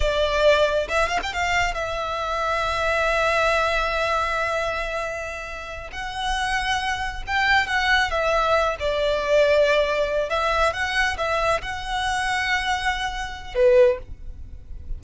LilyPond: \new Staff \with { instrumentName = "violin" } { \time 4/4 \tempo 4 = 137 d''2 e''8 f''16 g''16 f''4 | e''1~ | e''1~ | e''4. fis''2~ fis''8~ |
fis''8 g''4 fis''4 e''4. | d''2.~ d''8 e''8~ | e''8 fis''4 e''4 fis''4.~ | fis''2. b'4 | }